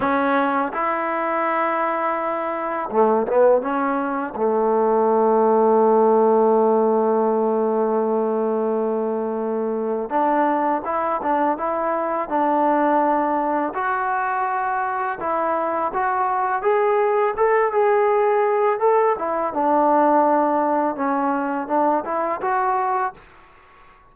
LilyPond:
\new Staff \with { instrumentName = "trombone" } { \time 4/4 \tempo 4 = 83 cis'4 e'2. | a8 b8 cis'4 a2~ | a1~ | a2 d'4 e'8 d'8 |
e'4 d'2 fis'4~ | fis'4 e'4 fis'4 gis'4 | a'8 gis'4. a'8 e'8 d'4~ | d'4 cis'4 d'8 e'8 fis'4 | }